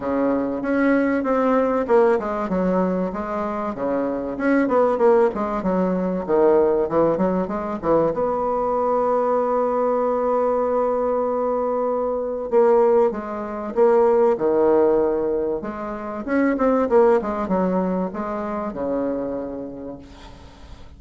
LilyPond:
\new Staff \with { instrumentName = "bassoon" } { \time 4/4 \tempo 4 = 96 cis4 cis'4 c'4 ais8 gis8 | fis4 gis4 cis4 cis'8 b8 | ais8 gis8 fis4 dis4 e8 fis8 | gis8 e8 b2.~ |
b1 | ais4 gis4 ais4 dis4~ | dis4 gis4 cis'8 c'8 ais8 gis8 | fis4 gis4 cis2 | }